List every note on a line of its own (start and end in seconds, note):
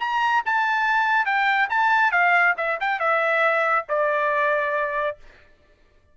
0.00 0.43 A#5
0.45 1.25 A5
1.25 1.68 G5
1.69 2.12 A5
2.12 2.54 F5
2.57 2.79 E5
2.80 3.00 G5
3.00 3.85 E5
3.89 5.17 D5